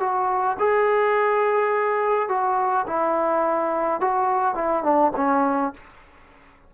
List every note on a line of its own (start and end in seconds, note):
0.00 0.57 F#4
0.59 2.29 G#4
2.29 2.86 F#4
2.87 4.01 E4
4.01 4.55 F#4
4.55 4.84 E4
4.84 5.12 D4
5.17 5.74 C#4